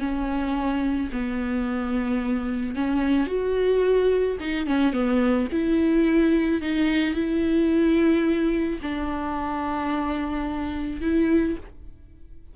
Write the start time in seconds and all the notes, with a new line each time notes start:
0.00 C#4
1.13 B3
2.75 C#4
3.27 F#4
4.41 D#4
4.67 C#4
4.93 B3
5.52 E4
6.62 D#4
7.15 E4
8.82 D4
11.01 E4